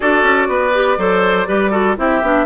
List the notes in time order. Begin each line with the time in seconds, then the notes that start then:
0.00 D4 F#4 A4 D5
0.22 C#4
0.48 B3 B4
0.73 G4
0.97 F#3 A4 C5
1.46 G3 G4 B4
1.70 F#4 A4
1.97 C4 E4 G4 E5
2.22 B3 D4